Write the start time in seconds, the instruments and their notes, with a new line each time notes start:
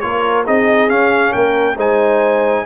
0.00 tuba A#3, trombone F4, horn A#4, trumpet C#5
0.45 tuba C4, trombone D#4, horn G#4, trumpet D#5
0.89 trombone C#4, tuba C#4, trumpet F5
1.32 tuba A#3, horn A#4, trumpet G5
1.76 tuba G#3, trombone D#4, horn C5, trumpet G#5